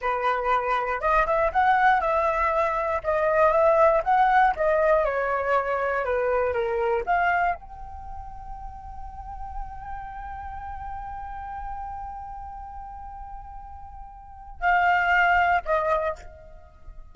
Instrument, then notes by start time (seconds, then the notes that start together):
flute
0.01 B4
1.01 D#5
1.26 E5
1.52 F#5
2.00 E5
3.03 D#5
3.51 E5
4.04 F#5
4.55 D#5
5.04 C#5
6.05 B4
6.53 A#4
7.05 F5
7.54 G5
14.60 F5
15.65 D#5